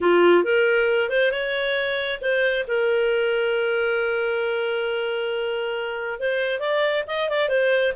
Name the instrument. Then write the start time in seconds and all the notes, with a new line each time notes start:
clarinet
0.00 F4
0.44 A#4
1.09 C5
1.31 C#5
2.21 C5
2.67 A#4
6.19 C5
6.59 D5
7.07 D#5
7.29 D5
7.48 C5